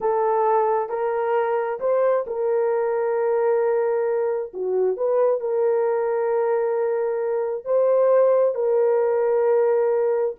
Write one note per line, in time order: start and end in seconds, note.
0.01 0.89 A4
0.89 1.79 A#4
1.80 2.25 C5
2.26 4.52 A#4
4.53 4.96 F#4
4.96 5.40 B4
5.40 7.64 A#4
7.64 8.54 C5
8.54 10.35 A#4